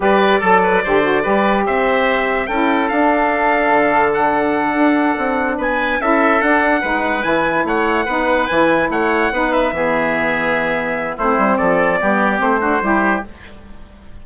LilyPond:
<<
  \new Staff \with { instrumentName = "trumpet" } { \time 4/4 \tempo 4 = 145 d''1 | e''2 g''4 f''4~ | f''2 fis''2~ | fis''4. gis''4 e''4 fis''8~ |
fis''4. gis''4 fis''4.~ | fis''8 gis''4 fis''4. e''4~ | e''2. c''4 | d''2 c''2 | }
  \new Staff \with { instrumentName = "oboe" } { \time 4/4 b'4 a'8 b'8 c''4 b'4 | c''2 a'2~ | a'1~ | a'4. b'4 a'4.~ |
a'8 b'2 cis''4 b'8~ | b'4. cis''4 b'4 gis'8~ | gis'2. e'4 | a'4 g'4. fis'8 g'4 | }
  \new Staff \with { instrumentName = "saxophone" } { \time 4/4 g'4 a'4 g'8 fis'8 g'4~ | g'2 e'4 d'4~ | d'1~ | d'2~ d'8 e'4 d'8~ |
d'8 dis'4 e'2 dis'8~ | dis'8 e'2 dis'4 b8~ | b2. c'4~ | c'4 b4 c'8 d'8 e'4 | }
  \new Staff \with { instrumentName = "bassoon" } { \time 4/4 g4 fis4 d4 g4 | c'2 cis'4 d'4~ | d'4 d2~ d8 d'8~ | d'8 c'4 b4 cis'4 d'8~ |
d'8 gis4 e4 a4 b8~ | b8 e4 a4 b4 e8~ | e2. a8 g8 | f4 g4 a4 g4 | }
>>